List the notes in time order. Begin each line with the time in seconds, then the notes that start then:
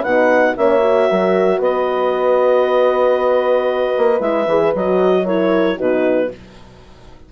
0.00 B2 D#4 B4 F#5
0.57 A#3 C#4 C#5 E5
0.80 F#4
1.10 F#3 A#4
1.58 B3 B4 D#5
3.98 A#3
4.19 G#3 E4 E5
4.47 E3 G#4
4.75 F#3 F#4 D#5
5.26 E4 A#4 C#5
5.77 B2 D#4 F#4 B4